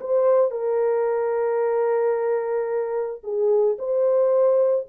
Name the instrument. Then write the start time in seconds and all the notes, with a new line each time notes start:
horn
0.00 C5
0.51 A#4
3.24 G#4
3.79 C5